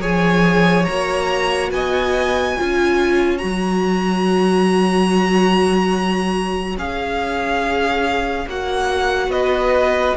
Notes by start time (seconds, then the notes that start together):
0.00 F3 G#4 C#5 G#5
0.84 A#3 F#4 A#5
1.71 B3 D#5 G#5
2.57 C#4 F4 C#5
3.37 F#3 F#4 A#5
6.77 C#4 G#4 F5
8.47 A#3 F#4 F#5
9.27 B3 B4 D#5